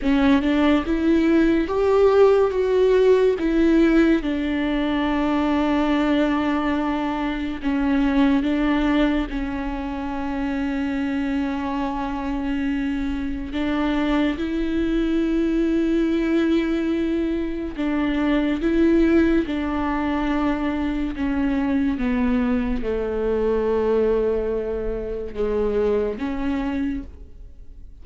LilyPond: \new Staff \with { instrumentName = "viola" } { \time 4/4 \tempo 4 = 71 cis'8 d'8 e'4 g'4 fis'4 | e'4 d'2.~ | d'4 cis'4 d'4 cis'4~ | cis'1 |
d'4 e'2.~ | e'4 d'4 e'4 d'4~ | d'4 cis'4 b4 a4~ | a2 gis4 cis'4 | }